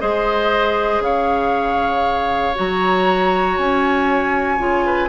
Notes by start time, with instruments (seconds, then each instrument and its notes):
0.00 bassoon G#3, clarinet G#4, oboe C5, flute D#5
1.00 bassoon C#3, oboe C#5, flute F5
2.55 bassoon F#3, clarinet F#4, flute A#5
3.57 bassoon C#4, flute G#5
4.58 bassoon C#3, clarinet F4
4.86 oboe B4